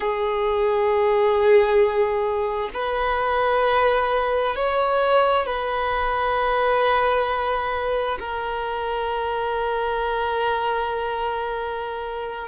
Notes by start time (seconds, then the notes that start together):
0.00 G#4
2.73 B4
4.55 C#5
5.45 B4
8.19 A#4